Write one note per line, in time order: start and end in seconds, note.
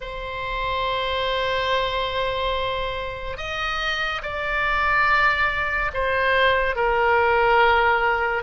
0.00 3.37 C5
3.37 4.21 D#5
4.22 5.91 D5
5.93 6.75 C5
6.75 8.42 A#4